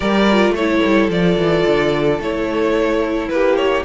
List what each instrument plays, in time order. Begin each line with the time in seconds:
0.00 cello G3, viola G4, violin A#4 D5
0.31 viola F4
0.51 cello A3, violin A4 C#5
0.58 viola E4
0.84 cello G3
1.09 cello F3, viola F4, violin D5
1.37 cello E3
1.66 cello D3
2.19 cello A3, viola E4, violin C#5
3.28 cello A#3, violin G4 B4
3.56 violin C#5